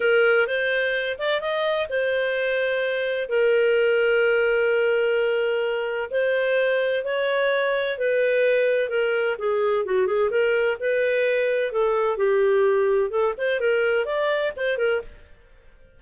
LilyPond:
\new Staff \with { instrumentName = "clarinet" } { \time 4/4 \tempo 4 = 128 ais'4 c''4. d''8 dis''4 | c''2. ais'4~ | ais'1~ | ais'4 c''2 cis''4~ |
cis''4 b'2 ais'4 | gis'4 fis'8 gis'8 ais'4 b'4~ | b'4 a'4 g'2 | a'8 c''8 ais'4 d''4 c''8 ais'8 | }